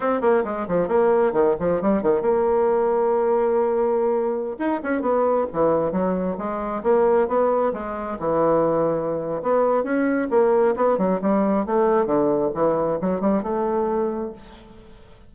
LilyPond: \new Staff \with { instrumentName = "bassoon" } { \time 4/4 \tempo 4 = 134 c'8 ais8 gis8 f8 ais4 dis8 f8 | g8 dis8 ais2.~ | ais2~ ais16 dis'8 cis'8 b8.~ | b16 e4 fis4 gis4 ais8.~ |
ais16 b4 gis4 e4.~ e16~ | e4 b4 cis'4 ais4 | b8 fis8 g4 a4 d4 | e4 fis8 g8 a2 | }